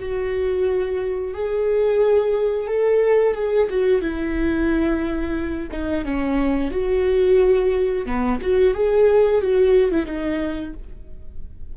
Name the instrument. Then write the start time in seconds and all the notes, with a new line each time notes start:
viola
0.00 F#4
1.34 G#4
2.68 A4
3.35 G#4
3.70 F#4
4.01 E4
5.71 D#4
6.05 C#4
6.71 F#4
8.06 B3
8.42 F#4
8.74 G#4
9.42 F#4
9.92 E4
10.06 D#4